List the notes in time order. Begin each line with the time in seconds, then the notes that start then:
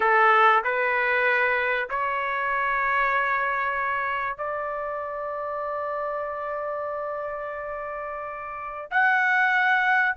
0.00 A4
0.63 B4
1.89 C#5
4.37 D5
8.90 F#5